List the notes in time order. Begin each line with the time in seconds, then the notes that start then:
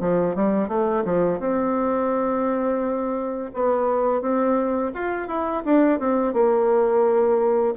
0.00 F3
0.35 G3
0.68 A3
1.05 F3
1.39 C4
3.54 B3
4.21 C4
4.94 F4
5.28 E4
5.65 D4
6.00 C4
6.34 A#3